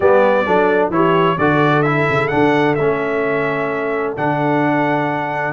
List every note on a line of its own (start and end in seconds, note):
0.00 0.46 G3
0.00 0.45 B3
0.00 0.45 G4
0.00 0.89 D5
0.45 0.90 F#3
0.45 0.91 D4
0.45 0.93 A4
0.90 1.36 E3
0.90 1.37 E4
0.90 1.38 G4
0.90 1.38 C#5
1.37 2.07 D3
1.37 1.85 F#4
1.37 5.52 A4
1.37 1.82 D5
1.82 2.30 E4
1.82 2.28 E5
2.09 2.32 C#3
2.28 2.78 D3
2.28 2.76 D4
2.28 2.74 F#5
2.74 4.16 A3
2.74 4.17 C#4
2.74 4.13 E5
4.17 5.52 D3
4.17 5.52 D4
4.17 5.52 F#5